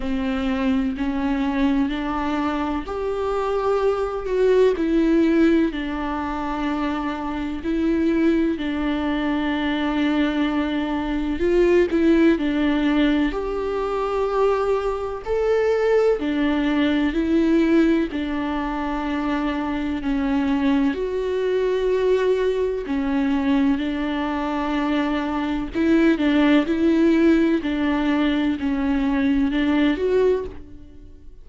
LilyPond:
\new Staff \with { instrumentName = "viola" } { \time 4/4 \tempo 4 = 63 c'4 cis'4 d'4 g'4~ | g'8 fis'8 e'4 d'2 | e'4 d'2. | f'8 e'8 d'4 g'2 |
a'4 d'4 e'4 d'4~ | d'4 cis'4 fis'2 | cis'4 d'2 e'8 d'8 | e'4 d'4 cis'4 d'8 fis'8 | }